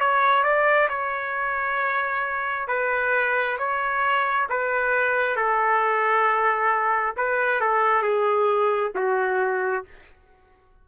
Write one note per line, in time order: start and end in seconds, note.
0.00 0.43 C#5
0.43 0.88 D5
0.88 2.67 C#5
2.67 3.57 B4
3.58 4.47 C#5
4.49 5.36 B4
5.36 7.15 A4
7.16 7.60 B4
7.60 8.02 A4
8.02 8.91 G#4
8.95 9.84 F#4